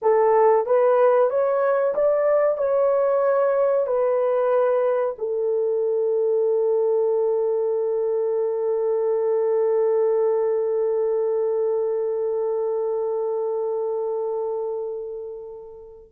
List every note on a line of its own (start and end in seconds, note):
0.01 0.66 A4
0.66 1.30 B4
1.30 1.94 C#5
1.94 2.57 D5
2.57 3.86 C#5
3.86 5.15 B4
5.18 16.12 A4